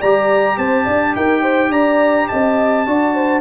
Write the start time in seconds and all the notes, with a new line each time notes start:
0.00 G3 G4 D5 A#5
0.57 C4 C5 A5
0.84 D4 D5
1.16 D#4 A#4 G5
1.42 C5
1.69 D4 D5 A#5
2.27 C4 D#5 A5
2.86 D4 F#4 D5
3.14 C5